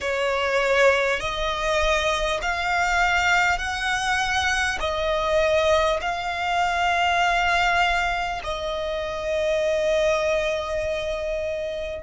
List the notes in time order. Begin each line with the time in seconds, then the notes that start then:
0.00 C#5
1.19 D#5
2.42 F5
3.58 F#5
4.79 D#5
6.01 F5
8.43 D#5